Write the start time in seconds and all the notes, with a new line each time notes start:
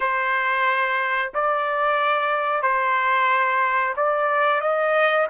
0.00 C5
1.34 D5
2.62 C5
3.96 D5
4.60 D#5